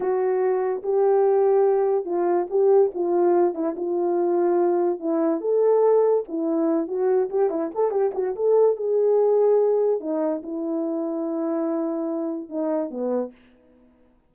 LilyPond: \new Staff \with { instrumentName = "horn" } { \time 4/4 \tempo 4 = 144 fis'2 g'2~ | g'4 f'4 g'4 f'4~ | f'8 e'8 f'2. | e'4 a'2 e'4~ |
e'8 fis'4 g'8 e'8 a'8 g'8 fis'8 | a'4 gis'2. | dis'4 e'2.~ | e'2 dis'4 b4 | }